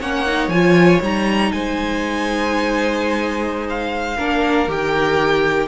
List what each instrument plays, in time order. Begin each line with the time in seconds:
0.00 cello A#3, viola C#4, violin C#5 F#5
0.26 viola D#4
0.47 cello F3, viola F4, violin G#5
1.01 cello G3, viola D#4, violin A#5
1.52 cello G#3, violin C5 G#5
3.69 violin F5
4.17 cello A#3, viola D4, violin A#4
4.67 cello D#3, viola G4, violin G5